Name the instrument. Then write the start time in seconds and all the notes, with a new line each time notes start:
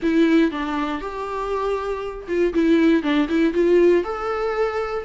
viola
0.02 E4
0.51 D4
1.01 G4
2.28 F4
2.53 E4
3.03 D4
3.28 E4
3.53 F4
4.04 A4